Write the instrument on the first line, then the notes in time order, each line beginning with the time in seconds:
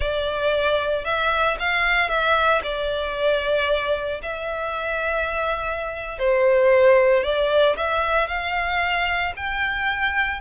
violin
0.00 D5
1.04 E5
1.59 F5
2.08 E5
2.63 D5
4.22 E5
6.18 C5
7.23 D5
7.77 E5
8.28 F5
9.36 G5